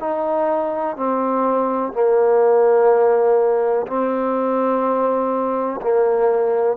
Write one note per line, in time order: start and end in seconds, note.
0.00 0.97 D#4
0.97 1.93 C4
1.93 3.87 A#3
3.87 5.81 C4
5.82 6.77 A#3